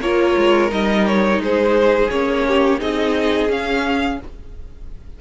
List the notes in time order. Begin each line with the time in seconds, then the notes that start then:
0.00 A#3 F4 A#4 C#5
0.37 G#3
0.68 G3 D#4 D#5
1.06 C#5
1.37 G#3 C5
1.44 G#4
2.10 A#3 C#4 C#5
2.47 G4
2.79 C4 D#4 G#4 D#5
3.49 C#4 F5